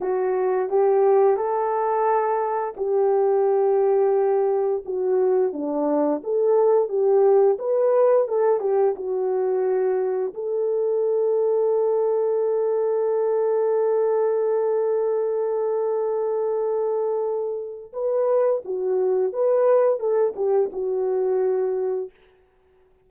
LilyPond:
\new Staff \with { instrumentName = "horn" } { \time 4/4 \tempo 4 = 87 fis'4 g'4 a'2 | g'2. fis'4 | d'4 a'4 g'4 b'4 | a'8 g'8 fis'2 a'4~ |
a'1~ | a'1~ | a'2 b'4 fis'4 | b'4 a'8 g'8 fis'2 | }